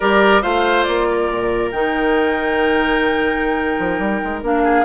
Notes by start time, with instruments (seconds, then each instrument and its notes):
0.00 bassoon G3, clarinet G4, oboe A#4, flute D5
0.41 bassoon A3, clarinet F4, oboe C5, flute F5
0.83 bassoon A#3, flute D5
1.11 oboe A#4
1.30 bassoon A#2
1.71 bassoon D#3, clarinet D#4, flute G5
3.79 bassoon F3
3.99 bassoon G3
4.23 bassoon G#3
4.42 bassoon A#3, clarinet D4, flute F5
4.63 oboe G#4